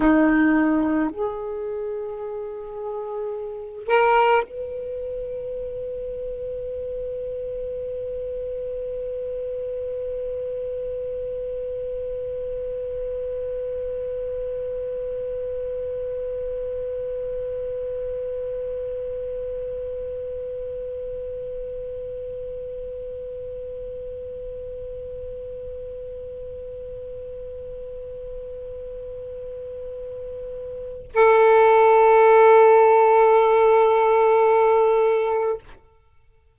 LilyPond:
\new Staff \with { instrumentName = "saxophone" } { \time 4/4 \tempo 4 = 54 dis'4 gis'2~ gis'8 ais'8 | b'1~ | b'1~ | b'1~ |
b'1~ | b'1~ | b'1 | a'1 | }